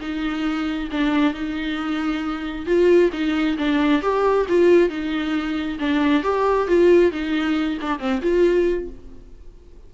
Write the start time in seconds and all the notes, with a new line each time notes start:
0.00 D#4
0.91 D4
1.33 D#4
2.66 F4
3.12 D#4
3.58 D4
4.02 G4
4.48 F4
4.89 D#4
5.79 D4
6.23 G4
6.67 F4
7.11 D#4
7.81 D4
7.99 C4
8.22 F4